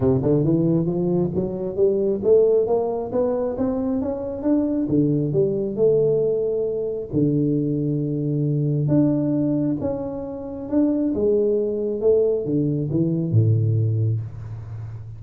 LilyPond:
\new Staff \with { instrumentName = "tuba" } { \time 4/4 \tempo 4 = 135 c8 d8 e4 f4 fis4 | g4 a4 ais4 b4 | c'4 cis'4 d'4 d4 | g4 a2. |
d1 | d'2 cis'2 | d'4 gis2 a4 | d4 e4 a,2 | }